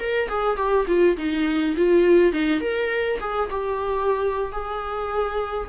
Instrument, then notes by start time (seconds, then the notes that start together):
viola
0.00 A#4
0.29 G#4
0.57 G4
0.88 F4
1.18 D#4
1.77 F4
2.33 D#4
2.61 A#4
3.21 G#4
3.51 G4
4.53 G#4